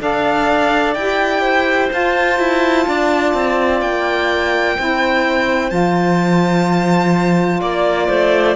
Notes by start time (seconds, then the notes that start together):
0.00 D4 A4 D5 F5
0.94 E4 G4 G5
1.41 C5
1.89 F4 A5
2.39 E4
2.87 D4 D5
3.34 C4
3.81 A#3 G5
4.75 C4 E4 C5
5.70 F3 F4 A5
7.60 A#3 D5
8.08 A3 C5